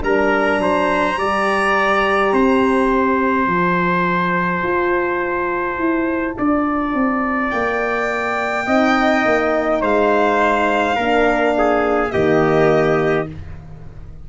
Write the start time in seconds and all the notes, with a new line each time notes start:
0.00 G3 D4 A#4 A#5
0.59 F#3 C5
1.16 G3 G4 D5
2.32 C4 C5
3.47 F3 F4 A5
4.62 F4
5.77 E4
6.37 D4 D5
6.94 C4
7.50 A#3 G5
8.66 C4 D#4 D#5
9.25 A#3
9.81 G#3 C5 F5
10.95 A#3 D4 A#4
11.57 G#4
12.11 D#3 A#3 G4 D#5